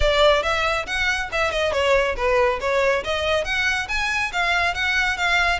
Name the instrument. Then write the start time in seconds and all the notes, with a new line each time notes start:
violin
0.00 D5
0.42 E5
0.86 F#5
1.32 E5
1.51 D#5
1.72 C#5
2.16 B4
2.60 C#5
3.04 D#5
3.44 F#5
3.88 G#5
4.32 F5
4.74 F#5
5.17 F5